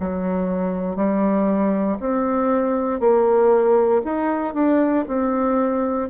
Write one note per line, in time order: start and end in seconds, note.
0.00 0.96 F#3
0.96 1.98 G3
2.00 3.00 C4
3.00 4.02 A#3
4.04 4.54 D#4
4.54 5.05 D4
5.08 6.10 C4